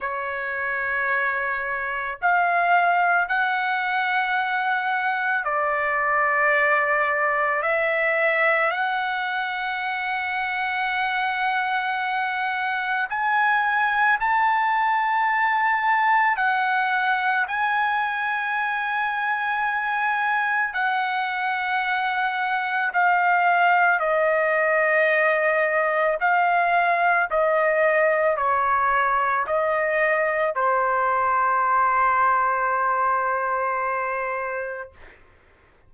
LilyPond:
\new Staff \with { instrumentName = "trumpet" } { \time 4/4 \tempo 4 = 55 cis''2 f''4 fis''4~ | fis''4 d''2 e''4 | fis''1 | gis''4 a''2 fis''4 |
gis''2. fis''4~ | fis''4 f''4 dis''2 | f''4 dis''4 cis''4 dis''4 | c''1 | }